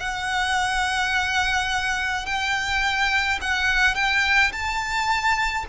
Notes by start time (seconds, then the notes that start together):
0.00 F#5
2.26 G5
3.42 F#5
3.96 G5
4.53 A5